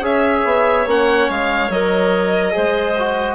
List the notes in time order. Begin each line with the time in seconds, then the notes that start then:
0.00 C#4 G#4 C#5 E5
0.45 B3
0.86 A#3 C#4 F#5
1.30 G#3 F5
1.69 F#3 A#4 D#5
2.52 G#3 G#4 C5
2.98 F#4